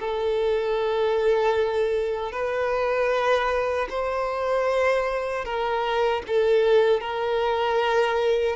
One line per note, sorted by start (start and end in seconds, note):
0.00 2.32 A4
2.32 3.88 B4
3.90 5.45 C5
5.45 6.23 A#4
6.27 7.01 A4
7.01 8.56 A#4